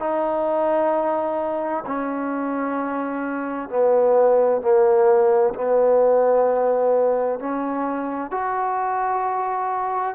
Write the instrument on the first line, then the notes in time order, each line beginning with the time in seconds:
trombone
0.00 D#4
1.87 C#4
3.70 B3
4.62 A#3
5.55 B3
7.40 C#4
8.32 F#4